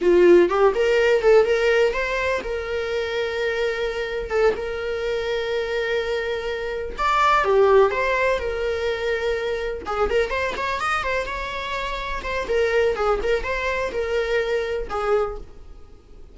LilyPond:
\new Staff \with { instrumentName = "viola" } { \time 4/4 \tempo 4 = 125 f'4 g'8 ais'4 a'8 ais'4 | c''4 ais'2.~ | ais'4 a'8 ais'2~ ais'8~ | ais'2~ ais'8 d''4 g'8~ |
g'8 c''4 ais'2~ ais'8~ | ais'8 gis'8 ais'8 c''8 cis''8 dis''8 c''8 cis''8~ | cis''4. c''8 ais'4 gis'8 ais'8 | c''4 ais'2 gis'4 | }